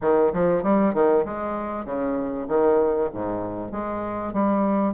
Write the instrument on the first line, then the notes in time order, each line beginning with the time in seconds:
bassoon
0.01 D#3
0.33 F3
0.63 G3
0.94 D#3
1.25 G#3
1.85 C#3
2.47 D#3
3.13 G#2
3.71 G#3
4.33 G3